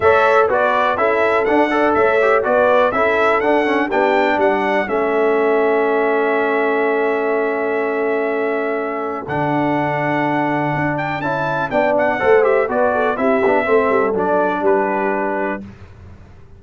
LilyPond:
<<
  \new Staff \with { instrumentName = "trumpet" } { \time 4/4 \tempo 4 = 123 e''4 d''4 e''4 fis''4 | e''4 d''4 e''4 fis''4 | g''4 fis''4 e''2~ | e''1~ |
e''2. fis''4~ | fis''2~ fis''8 g''8 a''4 | g''8 fis''4 e''8 d''4 e''4~ | e''4 d''4 b'2 | }
  \new Staff \with { instrumentName = "horn" } { \time 4/4 cis''4 b'4 a'4. d''8 | cis''4 b'4 a'2 | g'4 d''4 a'2~ | a'1~ |
a'1~ | a'1 | d''4 c''4 b'8 a'8 g'4 | a'2 g'2 | }
  \new Staff \with { instrumentName = "trombone" } { \time 4/4 a'4 fis'4 e'4 d'8 a'8~ | a'8 g'8 fis'4 e'4 d'8 cis'8 | d'2 cis'2~ | cis'1~ |
cis'2. d'4~ | d'2. e'4 | d'4 a'8 g'8 fis'4 e'8 d'8 | c'4 d'2. | }
  \new Staff \with { instrumentName = "tuba" } { \time 4/4 a4 b4 cis'4 d'4 | a4 b4 cis'4 d'4 | b4 g4 a2~ | a1~ |
a2. d4~ | d2 d'4 cis'4 | b4 a4 b4 c'8 b8 | a8 g8 fis4 g2 | }
>>